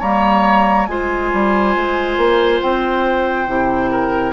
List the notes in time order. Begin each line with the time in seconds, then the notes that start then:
0.00 G3 A#3 C#5 A#5
0.87 G#3 F4 C5 G#5
1.33 G3
1.76 G#3
2.18 A#3
2.62 C4 G5
3.48 C3 E4
3.92 A#4